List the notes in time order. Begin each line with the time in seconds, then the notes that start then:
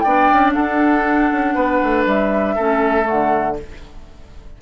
0.00 B3 D4 D5 G5
0.32 C#4
0.53 D4 A4 F#5
1.31 C#4
1.54 B3 B4
1.83 A3
2.05 G3 E5
2.55 A3 C#4 A4
3.03 A3 F#5
3.11 D3